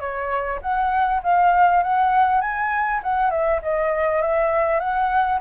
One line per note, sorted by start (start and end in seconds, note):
0.00 0.60 C#5
0.62 1.22 F#5
1.23 1.83 F5
1.83 2.41 F#5
2.41 3.01 G#5
3.03 3.31 F#5
3.31 3.61 E5
3.63 4.22 D#5
4.22 4.80 E5
4.80 5.40 F#5